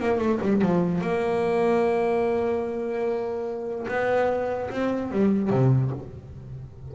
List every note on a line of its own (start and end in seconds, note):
0.00 0.19 A#3
0.19 0.39 A3
0.42 0.62 G3
0.62 1.01 F3
1.01 3.87 A#3
3.88 4.70 B3
4.71 5.11 C4
5.11 5.50 G3
5.50 5.91 C3